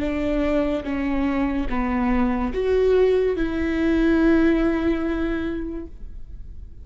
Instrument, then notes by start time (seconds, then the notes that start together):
viola
0.00 D4
0.84 C#4
1.69 B3
2.53 F#4
3.36 E4